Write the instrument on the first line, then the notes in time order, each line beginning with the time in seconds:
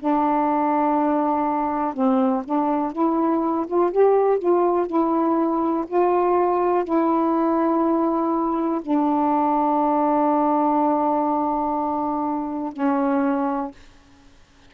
saxophone
0.00 D4
1.94 C4
2.45 D4
2.93 E4
3.68 F4
3.92 G4
4.39 F4
4.87 E4
5.87 F4
6.85 E4
8.82 D4
12.73 C#4